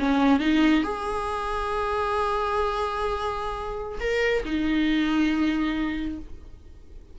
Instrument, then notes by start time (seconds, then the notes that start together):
viola
0.00 C#4
0.41 D#4
0.84 G#4
4.01 A#4
4.45 D#4